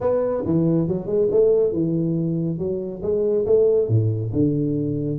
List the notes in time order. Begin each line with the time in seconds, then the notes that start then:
0.00 B3
0.45 E3
0.88 F#3
1.06 G#3
1.31 A3
1.72 E3
2.58 F#3
3.02 G#3
3.46 A3
3.88 A2
4.32 D3